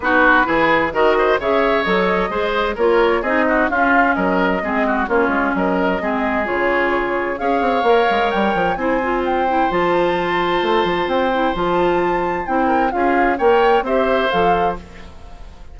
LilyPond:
<<
  \new Staff \with { instrumentName = "flute" } { \time 4/4 \tempo 4 = 130 b'2 dis''4 e''4 | dis''2 cis''4 dis''4 | f''4 dis''2 cis''4 | dis''2 cis''2 |
f''2 g''4 gis''4 | g''4 a''2. | g''4 a''2 g''4 | f''4 g''4 e''4 f''4 | }
  \new Staff \with { instrumentName = "oboe" } { \time 4/4 fis'4 gis'4 ais'8 c''8 cis''4~ | cis''4 c''4 ais'4 gis'8 fis'8 | f'4 ais'4 gis'8 fis'8 f'4 | ais'4 gis'2. |
cis''2. c''4~ | c''1~ | c''2.~ c''8 ais'8 | gis'4 cis''4 c''2 | }
  \new Staff \with { instrumentName = "clarinet" } { \time 4/4 dis'4 e'4 fis'4 gis'4 | a'4 gis'4 f'4 dis'4 | cis'2 c'4 cis'4~ | cis'4 c'4 f'2 |
gis'4 ais'2 e'8 f'8~ | f'8 e'8 f'2.~ | f'8 e'8 f'2 e'4 | f'4 ais'4 g'4 a'4 | }
  \new Staff \with { instrumentName = "bassoon" } { \time 4/4 b4 e4 dis4 cis4 | fis4 gis4 ais4 c'4 | cis'4 fis4 gis4 ais8 gis8 | fis4 gis4 cis2 |
cis'8 c'8 ais8 gis8 g8 f8 c'4~ | c'4 f2 a8 f8 | c'4 f2 c'4 | cis'4 ais4 c'4 f4 | }
>>